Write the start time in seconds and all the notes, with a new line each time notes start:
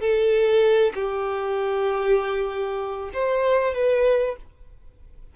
0.00 A4
0.94 G4
3.13 C5
3.74 B4